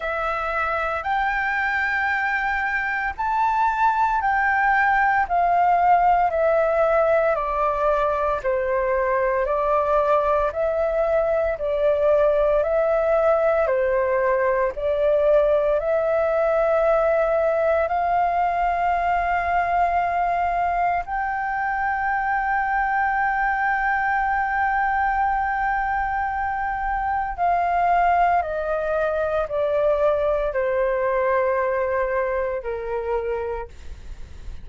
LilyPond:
\new Staff \with { instrumentName = "flute" } { \time 4/4 \tempo 4 = 57 e''4 g''2 a''4 | g''4 f''4 e''4 d''4 | c''4 d''4 e''4 d''4 | e''4 c''4 d''4 e''4~ |
e''4 f''2. | g''1~ | g''2 f''4 dis''4 | d''4 c''2 ais'4 | }